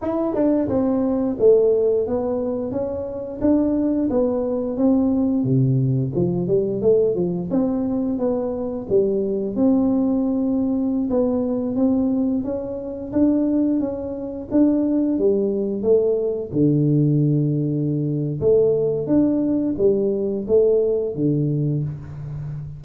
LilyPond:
\new Staff \with { instrumentName = "tuba" } { \time 4/4 \tempo 4 = 88 e'8 d'8 c'4 a4 b4 | cis'4 d'4 b4 c'4 | c4 f8 g8 a8 f8 c'4 | b4 g4 c'2~ |
c'16 b4 c'4 cis'4 d'8.~ | d'16 cis'4 d'4 g4 a8.~ | a16 d2~ d8. a4 | d'4 g4 a4 d4 | }